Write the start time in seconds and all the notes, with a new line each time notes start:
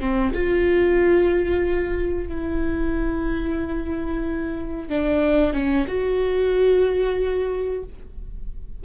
0.00 C4
0.33 F4
2.28 E4
4.89 D4
5.53 C#4
5.88 F#4